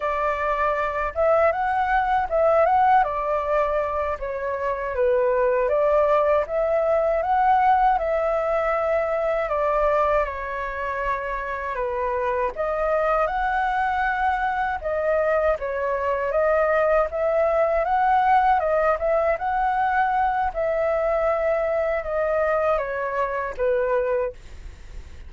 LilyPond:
\new Staff \with { instrumentName = "flute" } { \time 4/4 \tempo 4 = 79 d''4. e''8 fis''4 e''8 fis''8 | d''4. cis''4 b'4 d''8~ | d''8 e''4 fis''4 e''4.~ | e''8 d''4 cis''2 b'8~ |
b'8 dis''4 fis''2 dis''8~ | dis''8 cis''4 dis''4 e''4 fis''8~ | fis''8 dis''8 e''8 fis''4. e''4~ | e''4 dis''4 cis''4 b'4 | }